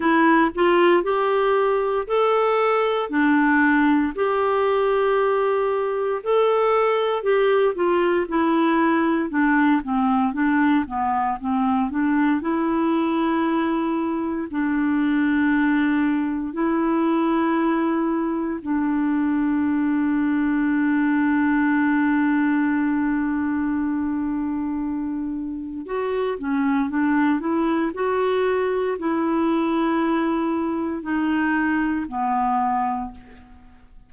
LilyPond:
\new Staff \with { instrumentName = "clarinet" } { \time 4/4 \tempo 4 = 58 e'8 f'8 g'4 a'4 d'4 | g'2 a'4 g'8 f'8 | e'4 d'8 c'8 d'8 b8 c'8 d'8 | e'2 d'2 |
e'2 d'2~ | d'1~ | d'4 fis'8 cis'8 d'8 e'8 fis'4 | e'2 dis'4 b4 | }